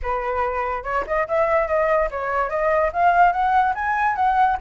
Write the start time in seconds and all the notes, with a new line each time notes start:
0.02 B4
0.83 C#5
1.06 D#5
1.27 E5
1.67 D#5
2.10 C#5
2.49 D#5
2.92 F5
3.32 F#5
3.74 G#5
4.15 F#5